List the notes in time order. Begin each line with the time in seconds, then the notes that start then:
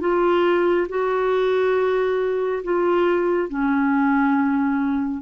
0.00 F4
0.89 F#4
2.64 F4
3.49 C#4